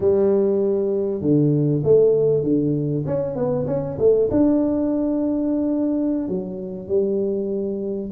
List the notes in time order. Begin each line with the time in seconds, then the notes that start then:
0.00 G3
1.21 D3
1.83 A3
2.43 D3
3.06 C#4
3.35 B3
3.67 C#4
3.98 A3
4.31 D4
6.28 F#3
6.87 G3